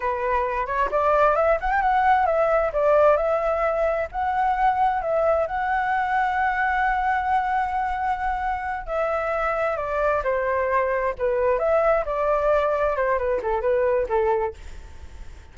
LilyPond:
\new Staff \with { instrumentName = "flute" } { \time 4/4 \tempo 4 = 132 b'4. cis''8 d''4 e''8 fis''16 g''16 | fis''4 e''4 d''4 e''4~ | e''4 fis''2 e''4 | fis''1~ |
fis''2.~ fis''8 e''8~ | e''4. d''4 c''4.~ | c''8 b'4 e''4 d''4.~ | d''8 c''8 b'8 a'8 b'4 a'4 | }